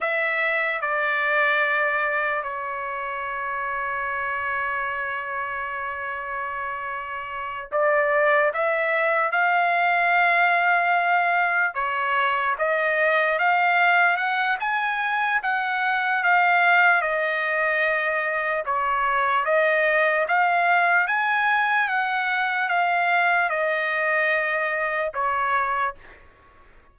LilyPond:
\new Staff \with { instrumentName = "trumpet" } { \time 4/4 \tempo 4 = 74 e''4 d''2 cis''4~ | cis''1~ | cis''4. d''4 e''4 f''8~ | f''2~ f''8 cis''4 dis''8~ |
dis''8 f''4 fis''8 gis''4 fis''4 | f''4 dis''2 cis''4 | dis''4 f''4 gis''4 fis''4 | f''4 dis''2 cis''4 | }